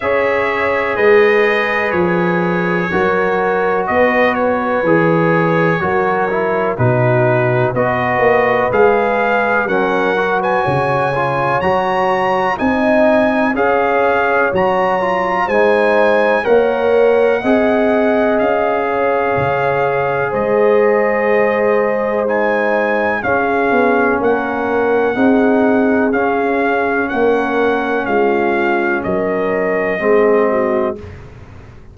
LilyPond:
<<
  \new Staff \with { instrumentName = "trumpet" } { \time 4/4 \tempo 4 = 62 e''4 dis''4 cis''2 | dis''8 cis''2~ cis''8 b'4 | dis''4 f''4 fis''8. gis''4~ gis''16 | ais''4 gis''4 f''4 ais''4 |
gis''4 fis''2 f''4~ | f''4 dis''2 gis''4 | f''4 fis''2 f''4 | fis''4 f''4 dis''2 | }
  \new Staff \with { instrumentName = "horn" } { \time 4/4 cis''4 b'2 ais'4 | b'2 ais'4 fis'4 | b'2 ais'8. b'16 cis''4~ | cis''4 dis''4 cis''2 |
c''4 cis''4 dis''4. cis''8~ | cis''4 c''2. | gis'4 ais'4 gis'2 | ais'4 f'4 ais'4 gis'8 fis'8 | }
  \new Staff \with { instrumentName = "trombone" } { \time 4/4 gis'2. fis'4~ | fis'4 gis'4 fis'8 e'8 dis'4 | fis'4 gis'4 cis'8 fis'4 f'8 | fis'4 dis'4 gis'4 fis'8 f'8 |
dis'4 ais'4 gis'2~ | gis'2. dis'4 | cis'2 dis'4 cis'4~ | cis'2. c'4 | }
  \new Staff \with { instrumentName = "tuba" } { \time 4/4 cis'4 gis4 f4 fis4 | b4 e4 fis4 b,4 | b8 ais8 gis4 fis4 cis4 | fis4 c'4 cis'4 fis4 |
gis4 ais4 c'4 cis'4 | cis4 gis2. | cis'8 b8 ais4 c'4 cis'4 | ais4 gis4 fis4 gis4 | }
>>